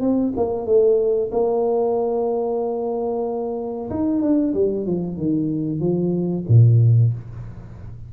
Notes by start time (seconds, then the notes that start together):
0.00 C4
0.36 A#3
0.65 A3
1.31 A#3
3.89 D#4
4.21 D4
4.54 G3
4.86 F3
5.17 D#3
5.79 F3
6.48 A#2